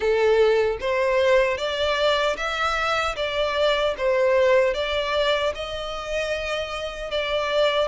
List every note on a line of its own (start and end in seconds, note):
0.00 0.78 A4
0.80 1.57 C5
1.57 2.36 D5
2.36 3.15 E5
3.15 3.94 D5
3.97 4.74 C5
4.74 5.53 D5
5.54 7.11 D#5
7.11 7.88 D5